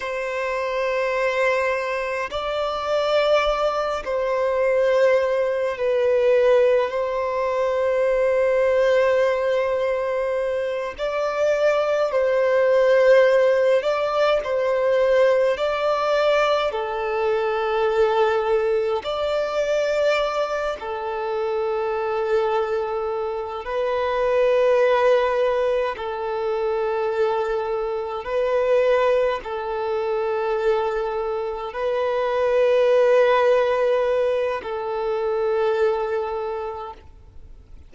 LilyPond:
\new Staff \with { instrumentName = "violin" } { \time 4/4 \tempo 4 = 52 c''2 d''4. c''8~ | c''4 b'4 c''2~ | c''4. d''4 c''4. | d''8 c''4 d''4 a'4.~ |
a'8 d''4. a'2~ | a'8 b'2 a'4.~ | a'8 b'4 a'2 b'8~ | b'2 a'2 | }